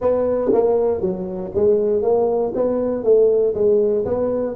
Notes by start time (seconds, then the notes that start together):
0.01 B3
0.52 A#3
1.00 F#3
1.54 G#3
2.02 A#3
2.54 B3
3.03 A3
3.54 G#3
4.05 B3